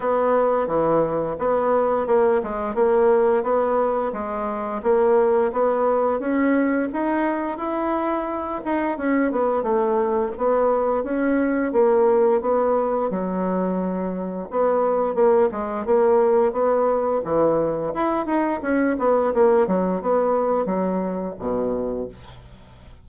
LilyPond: \new Staff \with { instrumentName = "bassoon" } { \time 4/4 \tempo 4 = 87 b4 e4 b4 ais8 gis8 | ais4 b4 gis4 ais4 | b4 cis'4 dis'4 e'4~ | e'8 dis'8 cis'8 b8 a4 b4 |
cis'4 ais4 b4 fis4~ | fis4 b4 ais8 gis8 ais4 | b4 e4 e'8 dis'8 cis'8 b8 | ais8 fis8 b4 fis4 b,4 | }